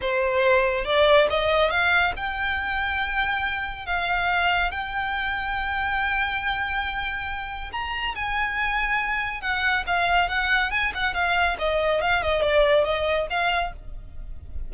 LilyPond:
\new Staff \with { instrumentName = "violin" } { \time 4/4 \tempo 4 = 140 c''2 d''4 dis''4 | f''4 g''2.~ | g''4 f''2 g''4~ | g''1~ |
g''2 ais''4 gis''4~ | gis''2 fis''4 f''4 | fis''4 gis''8 fis''8 f''4 dis''4 | f''8 dis''8 d''4 dis''4 f''4 | }